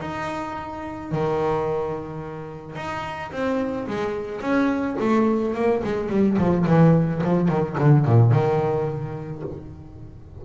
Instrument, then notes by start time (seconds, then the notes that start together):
double bass
0.00 D#4
1.11 D#3
2.76 D#4
3.31 C4
3.87 G#3
4.41 C#4
5.00 A3
5.54 A#3
5.83 G#3
6.09 G3
6.38 F3
6.66 E3
7.23 F3
7.48 D#3
7.78 D3
8.06 A#2
8.31 D#3